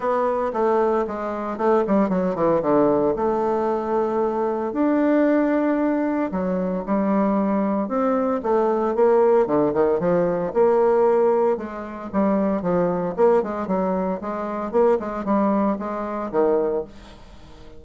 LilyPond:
\new Staff \with { instrumentName = "bassoon" } { \time 4/4 \tempo 4 = 114 b4 a4 gis4 a8 g8 | fis8 e8 d4 a2~ | a4 d'2. | fis4 g2 c'4 |
a4 ais4 d8 dis8 f4 | ais2 gis4 g4 | f4 ais8 gis8 fis4 gis4 | ais8 gis8 g4 gis4 dis4 | }